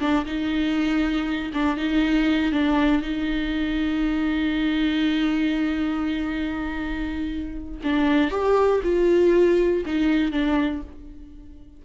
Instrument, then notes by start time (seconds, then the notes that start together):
viola
0.00 D4
0.26 D#4
1.54 D4
1.77 D#4
2.52 D4
3.02 D#4
7.84 D4
8.31 G4
8.83 F4
9.85 D#4
10.32 D4